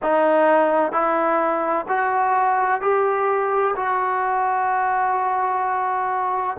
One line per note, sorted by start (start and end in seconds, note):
0.02 0.92 D#4
0.92 1.85 E4
1.88 2.81 F#4
2.81 3.75 G4
3.75 6.57 F#4